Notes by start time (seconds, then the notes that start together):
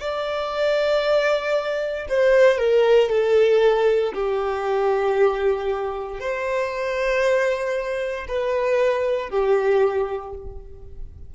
0.00 D5
2.09 C5
2.58 A#4
3.10 A4
4.14 G4
6.20 C5
8.28 B4
9.30 G4